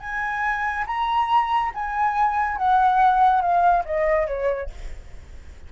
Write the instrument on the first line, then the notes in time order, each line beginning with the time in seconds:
flute
0.00 G#5
0.86 A#5
1.74 G#5
2.57 F#5
3.41 F5
3.85 D#5
4.27 C#5